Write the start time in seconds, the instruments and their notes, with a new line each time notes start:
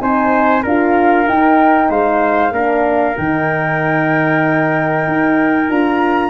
0.00 tuba C4, horn D#4, trumpet C5, flute G#5
0.63 tuba D4, horn F4, trumpet A#4, flute F5
1.25 horn D#4, tuba D#4, flute G5
1.89 tuba G#3, trumpet C5, flute F5
2.51 tuba A#3, horn D4, trumpet A#4
3.17 tuba D#3, horn D#4, flute G5
5.07 tuba D#4
5.69 tuba D4, horn F4, flute A#5